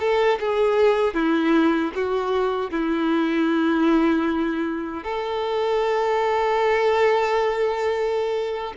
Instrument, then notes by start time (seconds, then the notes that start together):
violin
0.00 A4
0.40 G#4
1.14 E4
1.95 F#4
2.71 E4
5.04 A4